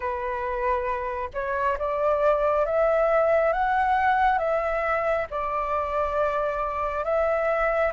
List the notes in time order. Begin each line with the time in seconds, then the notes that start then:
0.00 B4
1.33 C#5
1.78 D5
2.65 E5
3.52 F#5
4.38 E5
5.30 D5
7.04 E5